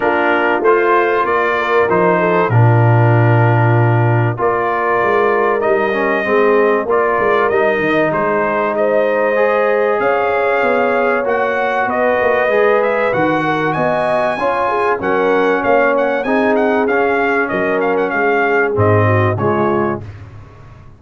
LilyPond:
<<
  \new Staff \with { instrumentName = "trumpet" } { \time 4/4 \tempo 4 = 96 ais'4 c''4 d''4 c''4 | ais'2. d''4~ | d''4 dis''2 d''4 | dis''4 c''4 dis''2 |
f''2 fis''4 dis''4~ | dis''8 e''8 fis''4 gis''2 | fis''4 f''8 fis''8 gis''8 fis''8 f''4 | dis''8 f''16 fis''16 f''4 dis''4 cis''4 | }
  \new Staff \with { instrumentName = "horn" } { \time 4/4 f'2~ f'8 ais'4 a'8 | f'2. ais'4~ | ais'2 gis'4 ais'4~ | ais'4 gis'4 c''2 |
cis''2. b'4~ | b'4. ais'8 dis''4 cis''8 gis'8 | ais'4 cis''4 gis'2 | ais'4 gis'4. fis'8 f'4 | }
  \new Staff \with { instrumentName = "trombone" } { \time 4/4 d'4 f'2 dis'4 | d'2. f'4~ | f'4 dis'8 cis'8 c'4 f'4 | dis'2. gis'4~ |
gis'2 fis'2 | gis'4 fis'2 f'4 | cis'2 dis'4 cis'4~ | cis'2 c'4 gis4 | }
  \new Staff \with { instrumentName = "tuba" } { \time 4/4 ais4 a4 ais4 f4 | ais,2. ais4 | gis4 g4 gis4 ais8 gis8 | g8 dis8 gis2. |
cis'4 b4 ais4 b8 ais8 | gis4 dis4 b4 cis'4 | fis4 ais4 c'4 cis'4 | fis4 gis4 gis,4 cis4 | }
>>